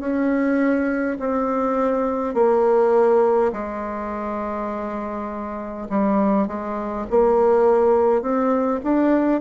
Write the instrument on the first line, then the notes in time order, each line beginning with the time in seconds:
bassoon
0.00 C#4
1.20 C4
2.34 A#3
3.53 G#3
5.90 G3
6.48 G#3
7.10 A#3
8.22 C4
8.84 D4